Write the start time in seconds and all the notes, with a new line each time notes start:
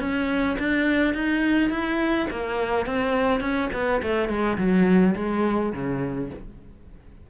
0.00 C#4
0.59 D4
1.14 D#4
1.70 E4
2.31 A#3
2.86 C4
3.41 C#4
3.73 B3
4.02 A3
4.29 G#3
4.58 F#3
5.16 G#3
5.73 C#3